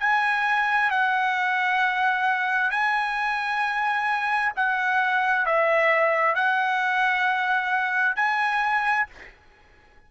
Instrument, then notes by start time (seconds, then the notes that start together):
trumpet
0.00 G#5
0.91 F#5
2.71 G#5
4.56 F#5
5.46 E5
6.35 F#5
8.16 G#5